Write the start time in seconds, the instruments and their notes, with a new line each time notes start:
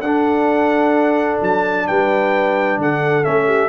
0.00 tuba D4, trombone D4, horn A4, trumpet F#5
1.42 tuba F#3, trumpet A5
1.87 tuba G3, horn B4, trumpet G5
2.77 tuba D3, horn A4, trumpet F#5
3.24 tuba A3, trombone C#4, trumpet E5
3.46 horn G4